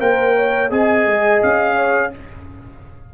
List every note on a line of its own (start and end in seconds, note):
0.00 0.71 A#3
0.00 0.71 A#4
0.00 0.36 C5
0.00 0.71 G5
0.36 0.71 C#5
0.71 1.06 C4
0.71 2.12 G#4
0.71 1.76 D#5
0.71 1.43 G#5
1.06 1.42 G#3
1.43 2.14 C#4
1.43 2.14 F5
1.76 2.12 C#5